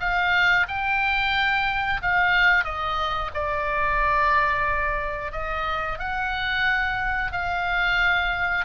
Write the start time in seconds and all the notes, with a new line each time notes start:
0.00 F5
0.68 G5
2.02 F5
2.64 D#5
3.34 D5
5.32 D#5
5.99 F#5
7.32 F5